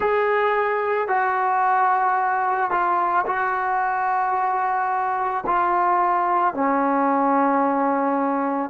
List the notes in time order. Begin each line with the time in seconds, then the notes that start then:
0.00 G#4
1.08 F#4
2.70 F4
3.26 F#4
5.46 F4
6.54 C#4